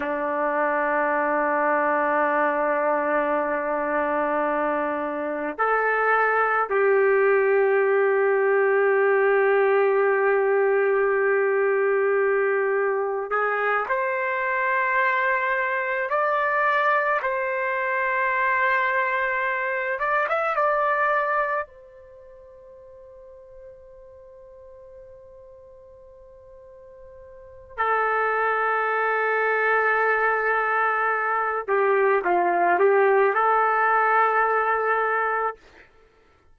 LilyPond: \new Staff \with { instrumentName = "trumpet" } { \time 4/4 \tempo 4 = 54 d'1~ | d'4 a'4 g'2~ | g'1 | gis'8 c''2 d''4 c''8~ |
c''2 d''16 e''16 d''4 c''8~ | c''1~ | c''4 a'2.~ | a'8 g'8 f'8 g'8 a'2 | }